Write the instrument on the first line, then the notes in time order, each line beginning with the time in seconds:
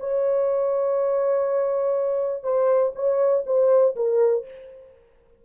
horn
0.00 C#5
2.43 C5
2.95 C#5
3.46 C5
3.96 A#4